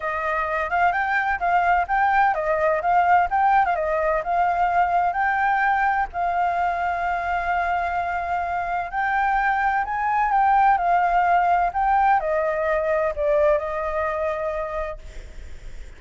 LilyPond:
\new Staff \with { instrumentName = "flute" } { \time 4/4 \tempo 4 = 128 dis''4. f''8 g''4 f''4 | g''4 dis''4 f''4 g''8. f''16 | dis''4 f''2 g''4~ | g''4 f''2.~ |
f''2. g''4~ | g''4 gis''4 g''4 f''4~ | f''4 g''4 dis''2 | d''4 dis''2. | }